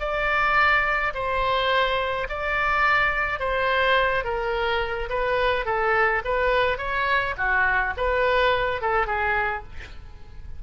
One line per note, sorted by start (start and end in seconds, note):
0.00 1.13 D5
1.14 2.27 C5
2.29 3.40 D5
3.40 4.24 C5
4.24 5.09 A#4
5.10 5.66 B4
5.66 6.22 A4
6.25 6.78 B4
6.78 7.35 C#5
7.38 7.94 F#4
7.97 8.82 B4
8.82 9.07 A4
9.07 9.64 G#4